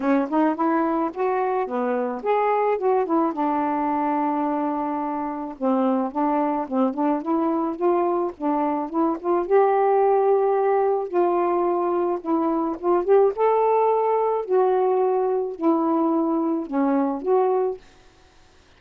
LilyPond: \new Staff \with { instrumentName = "saxophone" } { \time 4/4 \tempo 4 = 108 cis'8 dis'8 e'4 fis'4 b4 | gis'4 fis'8 e'8 d'2~ | d'2 c'4 d'4 | c'8 d'8 e'4 f'4 d'4 |
e'8 f'8 g'2. | f'2 e'4 f'8 g'8 | a'2 fis'2 | e'2 cis'4 fis'4 | }